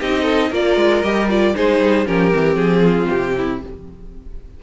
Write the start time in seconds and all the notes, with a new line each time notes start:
0.00 C4 D#4 G4 D#5
0.23 A4
0.50 A#3 F4 A#4 D5
0.76 G#3
1.02 G3 G4 D#5
1.29 F4 D5
1.55 G#3 D#4 G#4 C5
1.79 G3
2.05 F3 C#4 G4 A#4
2.32 E3 C4
2.55 F3 G#4
2.82 F4
3.09 C3 G4
3.37 E4